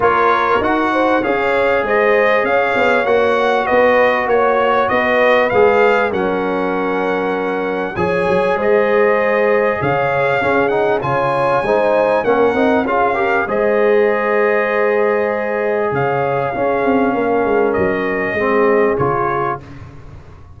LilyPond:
<<
  \new Staff \with { instrumentName = "trumpet" } { \time 4/4 \tempo 4 = 98 cis''4 fis''4 f''4 dis''4 | f''4 fis''4 dis''4 cis''4 | dis''4 f''4 fis''2~ | fis''4 gis''4 dis''2 |
f''4. fis''8 gis''2 | fis''4 f''4 dis''2~ | dis''2 f''2~ | f''4 dis''2 cis''4 | }
  \new Staff \with { instrumentName = "horn" } { \time 4/4 ais'4. c''8 cis''4 c''4 | cis''2 b'4 cis''4 | b'2 ais'2~ | ais'4 cis''4 c''2 |
cis''4 gis'4 cis''4 c''4 | ais'4 gis'8 ais'8 c''2~ | c''2 cis''4 gis'4 | ais'2 gis'2 | }
  \new Staff \with { instrumentName = "trombone" } { \time 4/4 f'4 fis'4 gis'2~ | gis'4 fis'2.~ | fis'4 gis'4 cis'2~ | cis'4 gis'2.~ |
gis'4 cis'8 dis'8 f'4 dis'4 | cis'8 dis'8 f'8 g'8 gis'2~ | gis'2. cis'4~ | cis'2 c'4 f'4 | }
  \new Staff \with { instrumentName = "tuba" } { \time 4/4 ais4 dis'4 cis'4 gis4 | cis'8 b8 ais4 b4 ais4 | b4 gis4 fis2~ | fis4 f8 fis8 gis2 |
cis4 cis'4 cis4 gis4 | ais8 c'8 cis'4 gis2~ | gis2 cis4 cis'8 c'8 | ais8 gis8 fis4 gis4 cis4 | }
>>